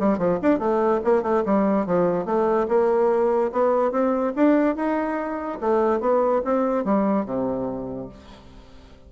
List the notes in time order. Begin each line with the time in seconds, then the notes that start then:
0.00 G3
0.19 F3
0.43 D4
0.59 A3
1.05 A#3
1.23 A3
1.46 G3
1.87 F3
2.26 A3
2.69 A#3
3.53 B3
3.92 C4
4.36 D4
4.76 D#4
5.61 A3
6.01 B3
6.45 C4
6.85 G3
7.26 C3